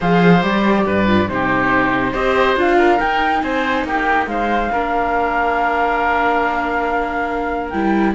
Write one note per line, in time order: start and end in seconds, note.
0.00 0.42 F3
0.00 0.41 G#4
0.00 0.85 C5
0.00 0.43 F5
0.41 0.85 G3
0.41 1.05 G4
0.41 1.28 D5
0.86 1.29 G2
0.86 1.29 B4
1.06 1.28 F4
1.28 2.13 C3
1.28 2.13 D#4
1.28 2.12 G4
1.28 2.13 C5
2.12 2.56 C4
2.12 2.56 G4
2.12 2.76 C5
2.12 2.56 D#5
2.56 2.98 D4
2.56 2.98 F4
2.56 2.99 F5
2.78 3.42 A#4
2.98 4.69 D#4
2.98 3.42 D#4
2.98 3.41 G5
3.41 3.84 C4
3.41 3.86 C5
3.41 3.84 G#5
3.84 4.26 A#3
3.84 4.30 G4
3.84 4.27 G5
4.26 4.69 G#3
4.26 4.72 C5
4.26 7.70 F5
4.72 7.72 A#3
4.72 7.73 D4
4.72 8.14 A#4
7.70 8.14 G3
7.70 8.14 E4
7.70 8.12 G5